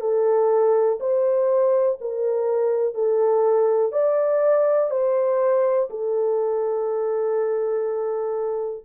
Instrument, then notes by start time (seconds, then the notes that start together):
horn
0.00 A4
1.00 C5
2.00 A#4
2.94 A4
3.92 D5
4.90 C5
5.89 A4